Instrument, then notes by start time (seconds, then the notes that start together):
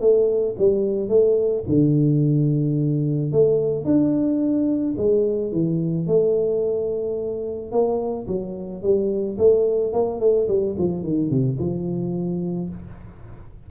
tuba
0.00 A3
0.58 G3
1.09 A3
1.68 D3
3.32 A3
3.85 D4
4.97 G#3
5.51 E3
6.07 A3
7.71 A#3
8.27 F#3
8.82 G3
9.38 A3
9.92 A#3
10.20 A3
10.48 G3
10.78 F3
11.03 D#3
11.30 C3
11.59 F3